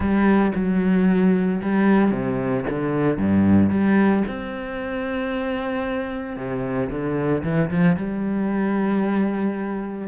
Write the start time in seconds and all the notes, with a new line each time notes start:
0.00 G3
0.54 F#3
1.61 G3
2.11 C3
2.69 D3
3.17 G2
3.70 G3
4.27 C4
6.36 C3
6.90 D3
7.43 E3
7.70 F3
7.96 G3